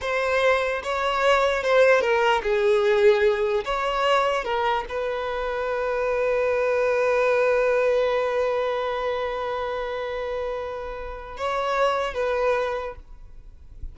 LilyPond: \new Staff \with { instrumentName = "violin" } { \time 4/4 \tempo 4 = 148 c''2 cis''2 | c''4 ais'4 gis'2~ | gis'4 cis''2 ais'4 | b'1~ |
b'1~ | b'1~ | b'1 | cis''2 b'2 | }